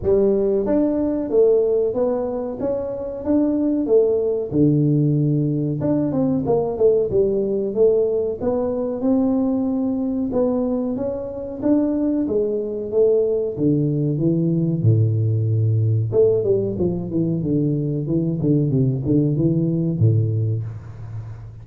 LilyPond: \new Staff \with { instrumentName = "tuba" } { \time 4/4 \tempo 4 = 93 g4 d'4 a4 b4 | cis'4 d'4 a4 d4~ | d4 d'8 c'8 ais8 a8 g4 | a4 b4 c'2 |
b4 cis'4 d'4 gis4 | a4 d4 e4 a,4~ | a,4 a8 g8 f8 e8 d4 | e8 d8 c8 d8 e4 a,4 | }